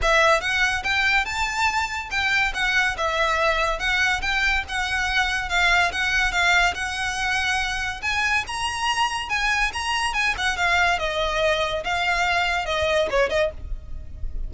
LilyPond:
\new Staff \with { instrumentName = "violin" } { \time 4/4 \tempo 4 = 142 e''4 fis''4 g''4 a''4~ | a''4 g''4 fis''4 e''4~ | e''4 fis''4 g''4 fis''4~ | fis''4 f''4 fis''4 f''4 |
fis''2. gis''4 | ais''2 gis''4 ais''4 | gis''8 fis''8 f''4 dis''2 | f''2 dis''4 cis''8 dis''8 | }